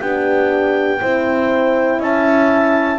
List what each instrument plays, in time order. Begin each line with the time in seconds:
0.00 double bass B3, horn D4 G4, clarinet G5
1.00 double bass C4, horn E4 C5
2.00 double bass C#4, horn E5, clarinet A5